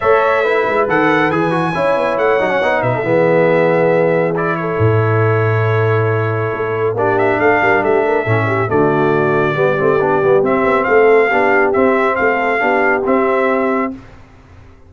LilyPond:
<<
  \new Staff \with { instrumentName = "trumpet" } { \time 4/4 \tempo 4 = 138 e''2 fis''4 gis''4~ | gis''4 fis''4. e''4.~ | e''2 d''8 cis''4.~ | cis''1 |
d''8 e''8 f''4 e''2 | d''1 | e''4 f''2 e''4 | f''2 e''2 | }
  \new Staff \with { instrumentName = "horn" } { \time 4/4 cis''4 b'2. | cis''2~ cis''8 b'16 a'16 gis'4~ | gis'2~ gis'8 a'4.~ | a'1 |
g'4 a'8 ais'8 g'8 ais'8 a'8 g'8 | fis'2 g'2~ | g'4 a'4 g'2 | a'4 g'2. | }
  \new Staff \with { instrumentName = "trombone" } { \time 4/4 a'4 e'4 a'4 gis'8 fis'8 | e'4. dis'16 cis'16 dis'4 b4~ | b2 e'2~ | e'1 |
d'2. cis'4 | a2 b8 c'8 d'8 b8 | c'2 d'4 c'4~ | c'4 d'4 c'2 | }
  \new Staff \with { instrumentName = "tuba" } { \time 4/4 a4. gis8 dis4 e4 | cis'8 b8 a8 fis8 b8 b,8 e4~ | e2. a,4~ | a,2. a4 |
ais4 a8 g8 a4 a,4 | d2 g8 a8 b8 g8 | c'8 b8 a4 b4 c'4 | a4 b4 c'2 | }
>>